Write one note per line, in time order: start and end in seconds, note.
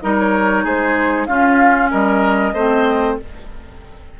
0.00 0.64 G3
0.00 1.28 D#4
0.00 0.64 A#4
0.00 0.16 D#5
0.19 0.66 C#5
0.64 1.27 G#3
0.64 1.27 G#4
0.64 1.26 C5
1.26 1.91 C#4
1.26 2.55 C#4
1.26 1.91 F4
1.26 1.89 F5
1.91 2.53 G3
1.91 2.54 A#4
1.91 3.17 D#5
2.53 3.16 A3
2.53 3.20 C4
2.53 3.17 C5